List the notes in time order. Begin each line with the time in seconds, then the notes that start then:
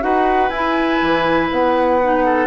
0.00 D#4 F#4 B4 F#5
0.49 E4 G#5
1.02 E3
1.51 B3 F#5
2.02 D#4
2.24 A4